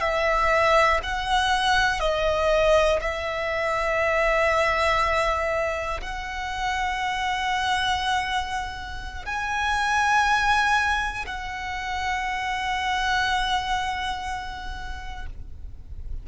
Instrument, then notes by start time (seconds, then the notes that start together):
violin
0.00 E5
1.03 F#5
2.00 D#5
3.00 E5
6.01 F#5
9.25 G#5
11.26 F#5